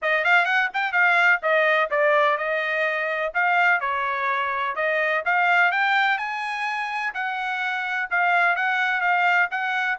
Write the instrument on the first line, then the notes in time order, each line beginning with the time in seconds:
trumpet
0.02 D#5
0.24 F5
0.45 F#5
0.73 G5
0.92 F5
1.42 D#5
1.90 D5
2.37 D#5
3.33 F5
3.80 C#5
4.75 D#5
5.25 F5
5.71 G5
6.18 G#5
7.14 F#5
8.10 F5
8.55 F#5
9.01 F5
9.50 F#5